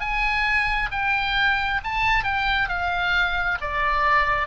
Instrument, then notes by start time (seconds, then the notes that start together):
oboe
0.00 G#5
0.91 G5
1.84 A5
2.23 G5
2.69 F5
3.61 D5